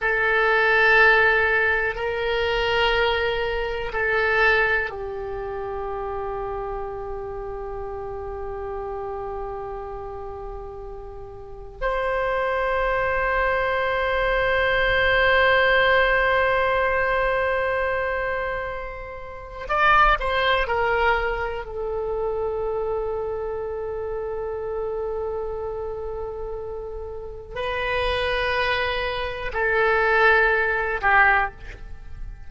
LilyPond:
\new Staff \with { instrumentName = "oboe" } { \time 4/4 \tempo 4 = 61 a'2 ais'2 | a'4 g'2.~ | g'1 | c''1~ |
c''1 | d''8 c''8 ais'4 a'2~ | a'1 | b'2 a'4. g'8 | }